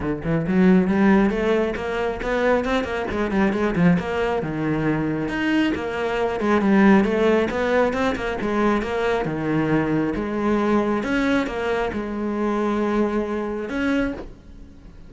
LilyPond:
\new Staff \with { instrumentName = "cello" } { \time 4/4 \tempo 4 = 136 d8 e8 fis4 g4 a4 | ais4 b4 c'8 ais8 gis8 g8 | gis8 f8 ais4 dis2 | dis'4 ais4. gis8 g4 |
a4 b4 c'8 ais8 gis4 | ais4 dis2 gis4~ | gis4 cis'4 ais4 gis4~ | gis2. cis'4 | }